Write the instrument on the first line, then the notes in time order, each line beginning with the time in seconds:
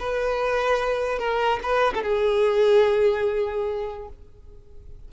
violin
0.00 B4
1.19 A#4
1.63 B4
1.94 A4
2.03 G#4